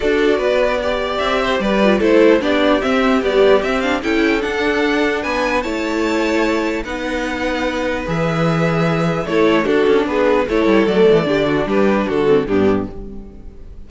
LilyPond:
<<
  \new Staff \with { instrumentName = "violin" } { \time 4/4 \tempo 4 = 149 d''2. e''4 | d''4 c''4 d''4 e''4 | d''4 e''8 f''8 g''4 fis''4~ | fis''4 gis''4 a''2~ |
a''4 fis''2. | e''2. cis''4 | a'4 b'4 cis''4 d''4~ | d''4 b'4 a'4 g'4 | }
  \new Staff \with { instrumentName = "violin" } { \time 4/4 a'4 b'4 d''4. c''8 | b'4 a'4 g'2~ | g'2 a'2~ | a'4 b'4 cis''2~ |
cis''4 b'2.~ | b'2. a'4 | fis'4 gis'4 a'2 | g'8 fis'8 g'4 fis'4 d'4 | }
  \new Staff \with { instrumentName = "viola" } { \time 4/4 fis'2 g'2~ | g'8 f'8 e'4 d'4 c'4 | g4 c'8 d'8 e'4 d'4~ | d'2 e'2~ |
e'4 dis'2. | gis'2. e'4 | d'2 e'4 a4 | d'2~ d'8 c'8 b4 | }
  \new Staff \with { instrumentName = "cello" } { \time 4/4 d'4 b2 c'4 | g4 a4 b4 c'4 | b4 c'4 cis'4 d'4~ | d'4 b4 a2~ |
a4 b2. | e2. a4 | d'8 cis'8 b4 a8 g8 fis8 e8 | d4 g4 d4 g,4 | }
>>